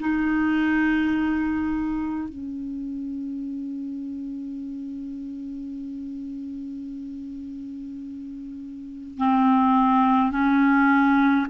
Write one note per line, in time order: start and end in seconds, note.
0.00 2.29 D#4
2.29 9.18 C#4
9.18 10.32 C4
10.32 11.47 C#4